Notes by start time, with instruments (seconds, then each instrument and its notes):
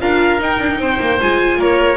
0.00 double bass D4, viola F4, oboe A#4, violin F5
0.39 double bass D#4, viola D#4, violin G5
0.59 double bass D4
0.78 double bass C4, oboe C5
1.00 double bass A#3
1.20 double bass G#3, viola F4, violin G#5
1.58 double bass A#3, oboe A#4, violin C#5